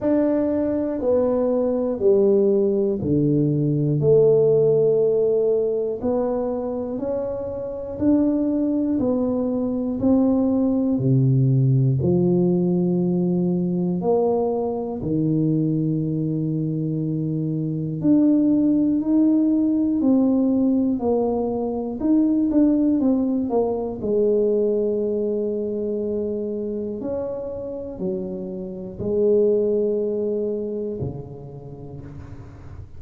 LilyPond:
\new Staff \with { instrumentName = "tuba" } { \time 4/4 \tempo 4 = 60 d'4 b4 g4 d4 | a2 b4 cis'4 | d'4 b4 c'4 c4 | f2 ais4 dis4~ |
dis2 d'4 dis'4 | c'4 ais4 dis'8 d'8 c'8 ais8 | gis2. cis'4 | fis4 gis2 cis4 | }